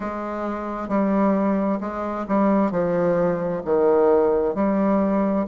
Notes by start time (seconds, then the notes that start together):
0.00 G#3
0.88 G3
1.80 G#3
2.27 G3
2.71 F3
3.64 D#3
4.55 G3